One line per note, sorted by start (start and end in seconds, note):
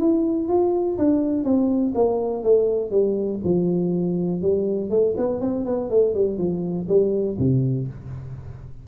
0.00 0.49 E4
0.49 0.98 F4
0.98 1.44 D4
1.44 1.93 C4
1.95 2.43 A#3
2.43 2.91 A3
2.91 3.40 G3
3.44 4.42 F3
4.42 4.90 G3
4.90 5.15 A3
5.17 5.41 B3
5.41 5.66 C4
5.66 5.90 B3
5.90 6.15 A3
6.15 6.38 G3
6.38 6.87 F3
6.89 7.38 G3
7.39 7.88 C3